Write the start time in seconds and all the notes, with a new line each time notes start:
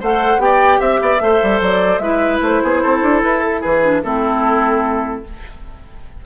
0.00 A3 A4 C5 F#5
0.38 B3 G4 D5 G5
0.79 C4 E5
1.01 B3 D5
1.20 A3 A4 C5
1.42 G3
1.60 F#3 D5
1.98 G#3 E4 B4 E5
2.41 A3 C5
2.63 B3 G#4
2.82 C4 A4
3.02 D4
3.21 E4 B4
3.43 A4
3.60 E3 G#4 B4
3.82 D4
4.03 A3 C4 E4 A4